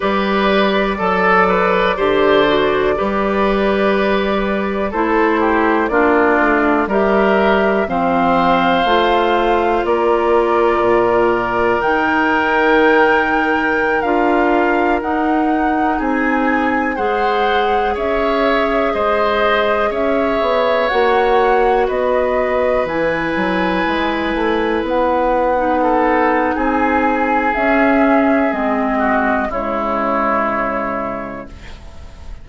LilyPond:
<<
  \new Staff \with { instrumentName = "flute" } { \time 4/4 \tempo 4 = 61 d''1~ | d''4 c''4 d''4 e''4 | f''2 d''2 | g''2~ g''16 f''4 fis''8.~ |
fis''16 gis''4 fis''4 e''4 dis''8.~ | dis''16 e''4 fis''4 dis''4 gis''8.~ | gis''4~ gis''16 fis''4.~ fis''16 gis''4 | e''4 dis''4 cis''2 | }
  \new Staff \with { instrumentName = "oboe" } { \time 4/4 b'4 a'8 b'8 c''4 b'4~ | b'4 a'8 g'8 f'4 ais'4 | c''2 ais'2~ | ais'1~ |
ais'16 gis'4 c''4 cis''4 c''8.~ | c''16 cis''2 b'4.~ b'16~ | b'2~ b'16 a'8. gis'4~ | gis'4. fis'8 e'2 | }
  \new Staff \with { instrumentName = "clarinet" } { \time 4/4 g'4 a'4 g'8 fis'8 g'4~ | g'4 e'4 d'4 g'4 | c'4 f'2. | dis'2~ dis'16 f'4 dis'8.~ |
dis'4~ dis'16 gis'2~ gis'8.~ | gis'4~ gis'16 fis'2 e'8.~ | e'2 dis'2 | cis'4 c'4 gis2 | }
  \new Staff \with { instrumentName = "bassoon" } { \time 4/4 g4 fis4 d4 g4~ | g4 a4 ais8 a8 g4 | f4 a4 ais4 ais,4 | dis2~ dis16 d'4 dis'8.~ |
dis'16 c'4 gis4 cis'4 gis8.~ | gis16 cis'8 b8 ais4 b4 e8 fis16~ | fis16 gis8 a8 b4.~ b16 c'4 | cis'4 gis4 cis2 | }
>>